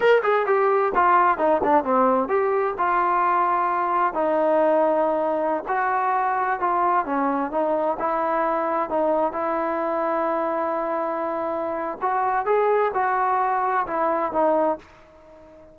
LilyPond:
\new Staff \with { instrumentName = "trombone" } { \time 4/4 \tempo 4 = 130 ais'8 gis'8 g'4 f'4 dis'8 d'8 | c'4 g'4 f'2~ | f'4 dis'2.~ | dis'16 fis'2 f'4 cis'8.~ |
cis'16 dis'4 e'2 dis'8.~ | dis'16 e'2.~ e'8.~ | e'2 fis'4 gis'4 | fis'2 e'4 dis'4 | }